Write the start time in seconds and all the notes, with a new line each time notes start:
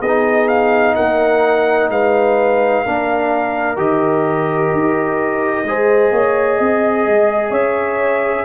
0.00 B3 D#4 G#4 D#5
0.48 F5
0.95 A#3 A#4 F#5
1.89 G#3 B4 F5
2.85 A#3 D4 A#4
3.76 D#3 G4 D#5
4.73 D#4
5.63 G#3 G#4 C5
6.11 A#3 C#5
6.57 C4 D#5
7.06 G#3
7.51 C#4 C#5 E5